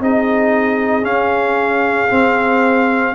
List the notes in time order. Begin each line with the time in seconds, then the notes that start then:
0.00 C4 D#4 G#4 D#5
1.02 C#4 F5
2.11 C4